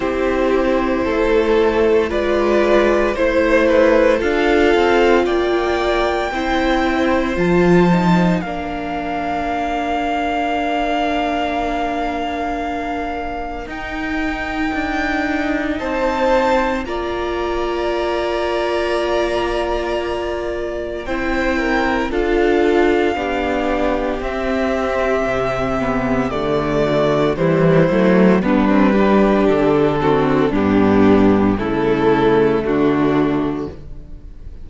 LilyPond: <<
  \new Staff \with { instrumentName = "violin" } { \time 4/4 \tempo 4 = 57 c''2 d''4 c''4 | f''4 g''2 a''4 | f''1~ | f''4 g''2 a''4 |
ais''1 | g''4 f''2 e''4~ | e''4 d''4 c''4 b'4 | a'4 g'4 a'4 fis'4 | }
  \new Staff \with { instrumentName = "violin" } { \time 4/4 g'4 a'4 b'4 c''8 b'8 | a'4 d''4 c''2 | ais'1~ | ais'2. c''4 |
d''1 | c''8 ais'8 a'4 g'2~ | g'4. fis'8 e'4 d'8 g'8~ | g'8 fis'8 d'4 e'4 d'4 | }
  \new Staff \with { instrumentName = "viola" } { \time 4/4 e'2 f'4 e'4 | f'2 e'4 f'8 dis'8 | d'1~ | d'4 dis'2. |
f'1 | e'4 f'4 d'4 c'4~ | c'8 b8 a4 g8 a8 b16 c'16 d'8~ | d'8 c'8 b4 a2 | }
  \new Staff \with { instrumentName = "cello" } { \time 4/4 c'4 a4 gis4 a4 | d'8 c'8 ais4 c'4 f4 | ais1~ | ais4 dis'4 d'4 c'4 |
ais1 | c'4 d'4 b4 c'4 | c4 d4 e8 fis8 g4 | d4 g,4 cis4 d4 | }
>>